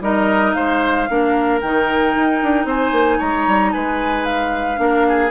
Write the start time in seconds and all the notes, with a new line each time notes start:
0.00 G3 D#4 A#4 D#5
0.53 G#3 C5 F5
1.08 A#3 D4 A#4
1.61 D#3 D#4 G5
2.14 D#4
2.42 D4
2.65 C4 C5 G#5
2.91 A#3
3.18 G#3 C#5 A#5
3.47 G3
3.72 G#3 B4 G#5
4.24 F5
4.76 A#3 D4 A#4
5.08 G#4